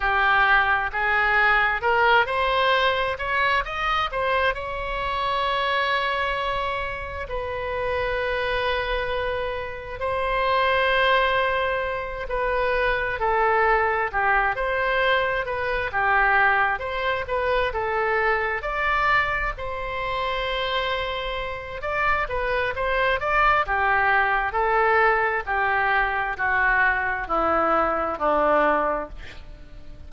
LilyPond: \new Staff \with { instrumentName = "oboe" } { \time 4/4 \tempo 4 = 66 g'4 gis'4 ais'8 c''4 cis''8 | dis''8 c''8 cis''2. | b'2. c''4~ | c''4. b'4 a'4 g'8 |
c''4 b'8 g'4 c''8 b'8 a'8~ | a'8 d''4 c''2~ c''8 | d''8 b'8 c''8 d''8 g'4 a'4 | g'4 fis'4 e'4 d'4 | }